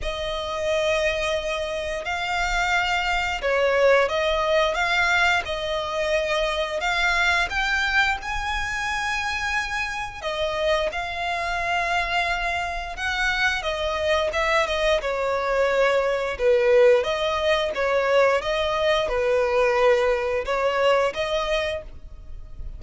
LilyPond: \new Staff \with { instrumentName = "violin" } { \time 4/4 \tempo 4 = 88 dis''2. f''4~ | f''4 cis''4 dis''4 f''4 | dis''2 f''4 g''4 | gis''2. dis''4 |
f''2. fis''4 | dis''4 e''8 dis''8 cis''2 | b'4 dis''4 cis''4 dis''4 | b'2 cis''4 dis''4 | }